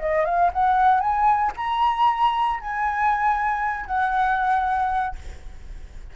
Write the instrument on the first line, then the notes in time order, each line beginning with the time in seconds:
flute
0.00 D#5
0.26 F5
0.53 F#5
1.01 G#5
1.57 A#5
2.61 G#5
3.87 F#5